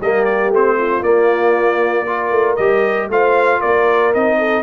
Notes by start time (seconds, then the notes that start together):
0.00 G3 A#3 G4 D#5
0.25 D5
0.49 A3 C4 C5
0.78 F4
1.02 A#3 D5
2.07 F4 A#4
2.31 A3
2.56 G3 G4 D#5
3.09 A3 F4 C5 F5
3.60 A#3 A#4 D5
4.14 C4 D#4 D#5
4.38 A4